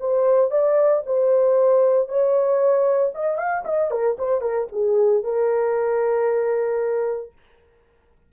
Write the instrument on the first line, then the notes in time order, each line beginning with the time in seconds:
horn
0.00 C5
0.50 D5
1.06 C5
2.08 C#5
3.14 D#5
3.38 F5
3.65 D#5
3.90 A#4
4.18 C5
4.41 A#4
4.71 G#4
5.23 A#4